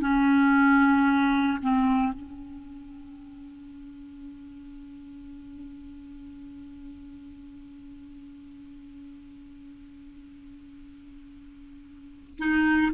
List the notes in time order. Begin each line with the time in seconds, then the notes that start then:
0.00 C#4
1.62 C4
2.12 C#4
12.38 D#4